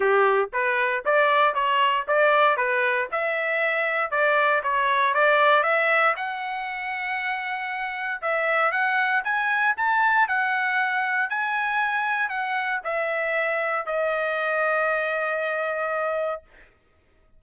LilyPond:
\new Staff \with { instrumentName = "trumpet" } { \time 4/4 \tempo 4 = 117 g'4 b'4 d''4 cis''4 | d''4 b'4 e''2 | d''4 cis''4 d''4 e''4 | fis''1 |
e''4 fis''4 gis''4 a''4 | fis''2 gis''2 | fis''4 e''2 dis''4~ | dis''1 | }